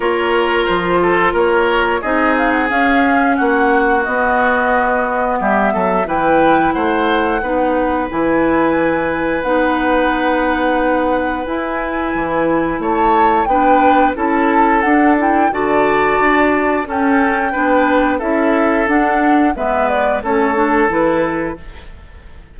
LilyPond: <<
  \new Staff \with { instrumentName = "flute" } { \time 4/4 \tempo 4 = 89 cis''4 c''4 cis''4 dis''8 f''16 fis''16 | f''4 fis''4 dis''2 | e''4 g''4 fis''2 | gis''2 fis''2~ |
fis''4 gis''2 a''4 | g''4 a''4 fis''8 g''8 a''4~ | a''4 g''2 e''4 | fis''4 e''8 d''8 cis''4 b'4 | }
  \new Staff \with { instrumentName = "oboe" } { \time 4/4 ais'4. a'8 ais'4 gis'4~ | gis'4 fis'2. | g'8 a'8 b'4 c''4 b'4~ | b'1~ |
b'2. cis''4 | b'4 a'2 d''4~ | d''4 a'4 b'4 a'4~ | a'4 b'4 a'2 | }
  \new Staff \with { instrumentName = "clarinet" } { \time 4/4 f'2. dis'4 | cis'2 b2~ | b4 e'2 dis'4 | e'2 dis'2~ |
dis'4 e'2. | d'4 e'4 d'8 e'8 fis'4~ | fis'4 cis'4 d'4 e'4 | d'4 b4 cis'8 d'8 e'4 | }
  \new Staff \with { instrumentName = "bassoon" } { \time 4/4 ais4 f4 ais4 c'4 | cis'4 ais4 b2 | g8 fis8 e4 a4 b4 | e2 b2~ |
b4 e'4 e4 a4 | b4 cis'4 d'4 d4 | d'4 cis'4 b4 cis'4 | d'4 gis4 a4 e4 | }
>>